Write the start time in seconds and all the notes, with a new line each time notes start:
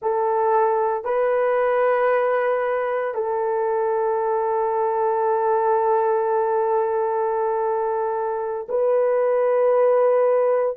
0.02 A4
1.04 B4
3.14 A4
8.68 B4